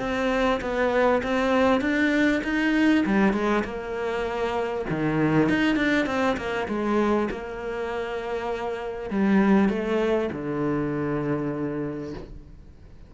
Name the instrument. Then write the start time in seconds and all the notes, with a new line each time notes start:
cello
0.00 C4
0.62 B3
1.23 C4
1.81 D4
2.44 D#4
3.06 G3
3.34 G#3
3.65 A#3
4.90 D#3
5.49 D#4
5.76 D4
6.07 C4
6.37 A#3
6.69 G#3
7.31 A#3
9.10 G3
9.69 A3
10.33 D3